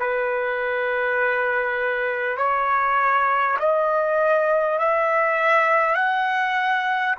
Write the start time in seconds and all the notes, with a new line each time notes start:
0.00 B4
2.38 C#5
3.59 D#5
4.79 E5
5.96 F#5